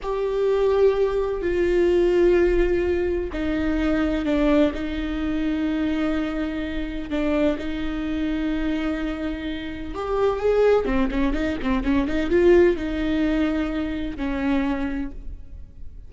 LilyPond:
\new Staff \with { instrumentName = "viola" } { \time 4/4 \tempo 4 = 127 g'2. f'4~ | f'2. dis'4~ | dis'4 d'4 dis'2~ | dis'2. d'4 |
dis'1~ | dis'4 g'4 gis'4 c'8 cis'8 | dis'8 c'8 cis'8 dis'8 f'4 dis'4~ | dis'2 cis'2 | }